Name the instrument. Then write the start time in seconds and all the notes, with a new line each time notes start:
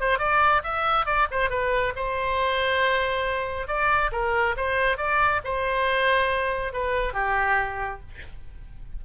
oboe
0.00 C5
0.18 D5
0.63 E5
1.06 D5
1.31 C5
1.50 B4
1.95 C5
3.67 D5
4.12 A#4
4.57 C5
4.97 D5
5.44 C5
6.73 B4
7.13 G4